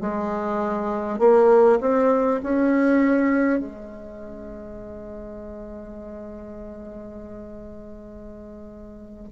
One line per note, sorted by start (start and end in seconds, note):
0.00 1.18 G#3
1.18 1.78 A#3
1.81 2.41 C4
2.43 3.59 C#4
3.59 9.29 G#3